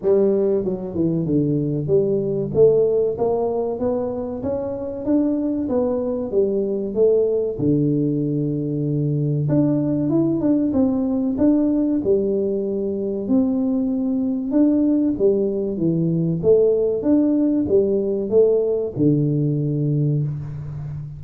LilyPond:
\new Staff \with { instrumentName = "tuba" } { \time 4/4 \tempo 4 = 95 g4 fis8 e8 d4 g4 | a4 ais4 b4 cis'4 | d'4 b4 g4 a4 | d2. d'4 |
e'8 d'8 c'4 d'4 g4~ | g4 c'2 d'4 | g4 e4 a4 d'4 | g4 a4 d2 | }